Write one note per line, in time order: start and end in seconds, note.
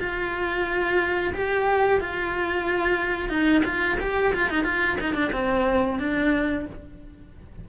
0.00 1.33 F4
1.34 2.01 G4
2.01 3.29 F4
3.29 3.62 D#4
3.65 3.98 F4
4.00 4.33 G4
4.34 4.49 F4
4.49 4.64 D#4
4.64 4.97 F4
5.01 5.14 D#4
5.14 5.31 D4
5.32 5.99 C4
5.99 6.66 D4